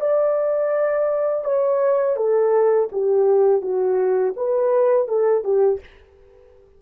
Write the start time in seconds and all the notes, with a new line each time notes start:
0.00 D5
1.44 C#5
2.16 A4
2.92 G4
3.61 F#4
4.36 B4
5.08 A4
5.43 G4